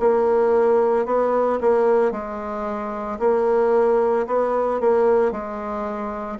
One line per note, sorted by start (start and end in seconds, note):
0.00 1.05 A#3
1.05 1.59 B3
1.61 2.11 A#3
2.11 3.19 G#3
3.19 4.26 A#3
4.27 4.80 B3
4.80 5.31 A#3
5.31 6.38 G#3